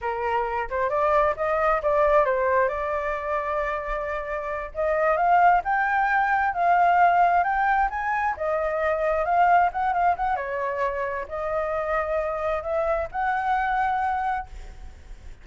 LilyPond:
\new Staff \with { instrumentName = "flute" } { \time 4/4 \tempo 4 = 133 ais'4. c''8 d''4 dis''4 | d''4 c''4 d''2~ | d''2~ d''8 dis''4 f''8~ | f''8 g''2 f''4.~ |
f''8 g''4 gis''4 dis''4.~ | dis''8 f''4 fis''8 f''8 fis''8 cis''4~ | cis''4 dis''2. | e''4 fis''2. | }